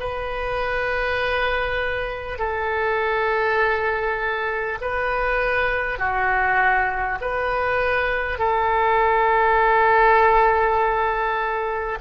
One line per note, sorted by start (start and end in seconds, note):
0.00 2.39 B4
2.39 4.79 A4
4.81 5.99 B4
5.99 7.19 F#4
7.21 8.38 B4
8.38 11.98 A4